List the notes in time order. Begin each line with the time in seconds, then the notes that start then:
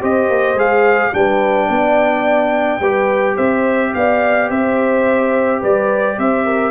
0.00 C4 G4 C5 D#5
0.30 A#3
0.54 G#3 G#4 F5
1.13 G3 D4 B4 G5
1.68 B3 D5
2.80 G3 G4 B4
3.36 C4 C5 E5
3.94 B3 D5 F5
4.50 C4 C5 E5
5.60 G3 B4 D5
6.18 C4 C5 E5
6.45 A#4